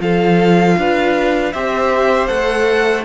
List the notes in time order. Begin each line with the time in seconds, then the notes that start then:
0.00 F3 F4 A4 F5
0.78 D4 B4
1.53 C4 G4 C5 E5
2.28 A3 A4 F#5